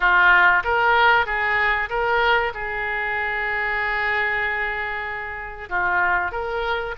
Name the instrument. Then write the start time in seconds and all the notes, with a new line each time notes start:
oboe
0.00 F4
0.63 A#4
1.25 G#4
1.89 A#4
2.53 G#4
5.69 F4
6.31 A#4